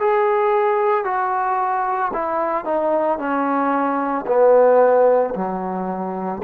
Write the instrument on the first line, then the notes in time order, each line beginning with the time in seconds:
trombone
0.00 G#4
1.05 F#4
2.13 E4
2.65 D#4
3.19 C#4
4.27 B3
5.35 F#3